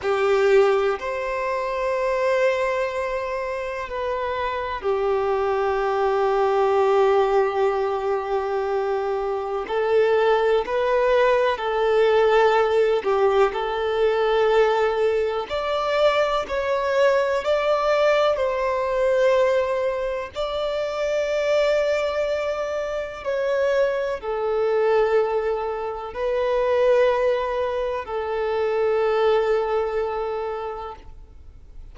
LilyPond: \new Staff \with { instrumentName = "violin" } { \time 4/4 \tempo 4 = 62 g'4 c''2. | b'4 g'2.~ | g'2 a'4 b'4 | a'4. g'8 a'2 |
d''4 cis''4 d''4 c''4~ | c''4 d''2. | cis''4 a'2 b'4~ | b'4 a'2. | }